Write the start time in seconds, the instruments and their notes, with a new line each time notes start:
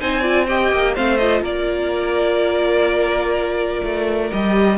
0.00 cello C4, viola D#4, violin C5 G#5
0.21 viola F4, violin D5
0.47 viola G4, violin D#5 G5
0.73 cello A#3
0.95 cello A3, viola C4, violin C5 F5
1.18 viola F4, violin D#5
1.42 cello A#3, violin A#4 D5
3.84 cello A3
4.31 cello G3, viola G4, violin D#5